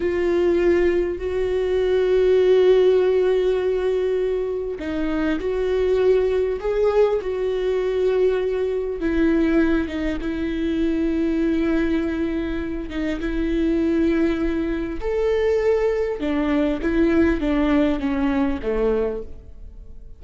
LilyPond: \new Staff \with { instrumentName = "viola" } { \time 4/4 \tempo 4 = 100 f'2 fis'2~ | fis'1 | dis'4 fis'2 gis'4 | fis'2. e'4~ |
e'8 dis'8 e'2.~ | e'4. dis'8 e'2~ | e'4 a'2 d'4 | e'4 d'4 cis'4 a4 | }